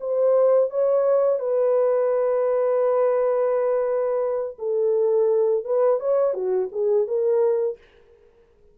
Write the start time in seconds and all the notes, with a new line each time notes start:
0.00 C5
0.70 C#5
1.39 B4
4.58 A4
5.64 B4
5.99 C#5
6.33 F#4
6.72 G#4
7.07 A#4